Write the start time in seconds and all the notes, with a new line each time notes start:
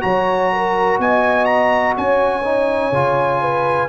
0.00 F#3 F#4 C#5 A#5
0.52 A#4
0.98 B3 D#5 G#5
1.45 A#5
1.96 C#4 C#5 G#5
2.44 D#4
2.91 C#3 F4
3.41 B4